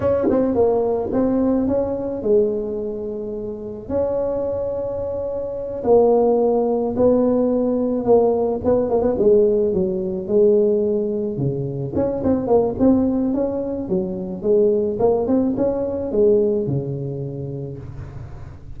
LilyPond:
\new Staff \with { instrumentName = "tuba" } { \time 4/4 \tempo 4 = 108 cis'8 c'8 ais4 c'4 cis'4 | gis2. cis'4~ | cis'2~ cis'8 ais4.~ | ais8 b2 ais4 b8 |
ais16 b16 gis4 fis4 gis4.~ | gis8 cis4 cis'8 c'8 ais8 c'4 | cis'4 fis4 gis4 ais8 c'8 | cis'4 gis4 cis2 | }